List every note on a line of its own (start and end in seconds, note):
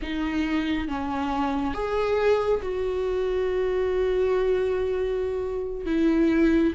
0.02 0.88 D#4
0.88 1.74 C#4
1.74 2.60 G#4
2.62 5.86 F#4
5.86 6.73 E4